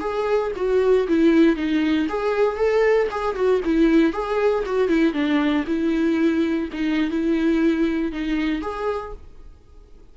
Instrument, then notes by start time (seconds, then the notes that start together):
viola
0.00 G#4
0.56 F#4
1.08 E4
1.56 D#4
2.09 G#4
2.56 A4
3.11 G#4
3.35 F#4
3.65 E4
4.13 G#4
4.66 F#4
4.88 E4
5.13 D4
5.67 E4
6.72 D#4
7.10 E4
8.12 D#4
8.62 G#4